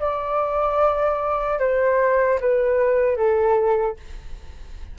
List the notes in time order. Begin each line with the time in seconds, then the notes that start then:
0.00 D5
1.60 C5
2.41 B4
3.17 A4